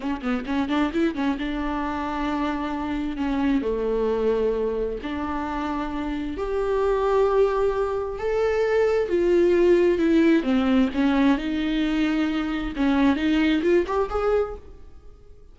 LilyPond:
\new Staff \with { instrumentName = "viola" } { \time 4/4 \tempo 4 = 132 cis'8 b8 cis'8 d'8 e'8 cis'8 d'4~ | d'2. cis'4 | a2. d'4~ | d'2 g'2~ |
g'2 a'2 | f'2 e'4 c'4 | cis'4 dis'2. | cis'4 dis'4 f'8 g'8 gis'4 | }